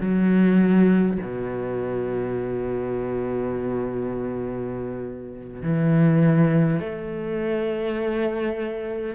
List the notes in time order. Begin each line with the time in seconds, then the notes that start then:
0.00 F#3
1.22 B2
5.63 E3
6.80 A3